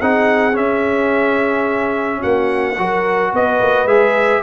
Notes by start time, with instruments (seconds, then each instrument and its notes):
0.00 tuba C4, trombone D#4, horn G#4, trumpet F#5
0.53 trombone C#4, tuba C#4, trumpet E5
2.19 tuba A#3, horn F#4, trumpet F#5
2.78 tuba F#3, trombone F#4, horn A#4
3.31 tuba B3, horn B4, trumpet D#5
3.61 tuba A#3
3.85 tuba G#3, trombone G#4, trumpet E5